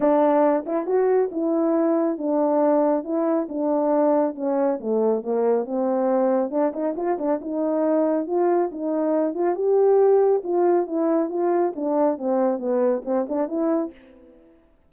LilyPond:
\new Staff \with { instrumentName = "horn" } { \time 4/4 \tempo 4 = 138 d'4. e'8 fis'4 e'4~ | e'4 d'2 e'4 | d'2 cis'4 a4 | ais4 c'2 d'8 dis'8 |
f'8 d'8 dis'2 f'4 | dis'4. f'8 g'2 | f'4 e'4 f'4 d'4 | c'4 b4 c'8 d'8 e'4 | }